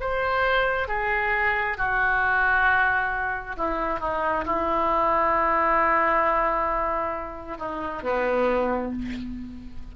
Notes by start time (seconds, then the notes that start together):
0.00 C5
0.88 G#4
1.77 F#4
3.57 E4
3.99 D#4
4.45 E4
7.58 D#4
8.02 B3